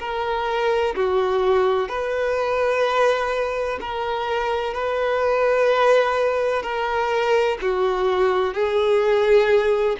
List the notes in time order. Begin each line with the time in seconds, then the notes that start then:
0.00 A#4
0.96 F#4
1.89 B4
3.81 A#4
4.74 B4
6.63 A#4
7.62 F#4
8.54 G#4